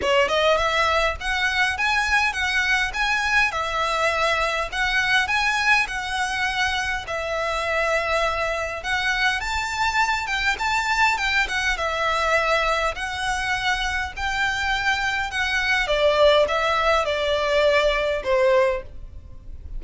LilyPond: \new Staff \with { instrumentName = "violin" } { \time 4/4 \tempo 4 = 102 cis''8 dis''8 e''4 fis''4 gis''4 | fis''4 gis''4 e''2 | fis''4 gis''4 fis''2 | e''2. fis''4 |
a''4. g''8 a''4 g''8 fis''8 | e''2 fis''2 | g''2 fis''4 d''4 | e''4 d''2 c''4 | }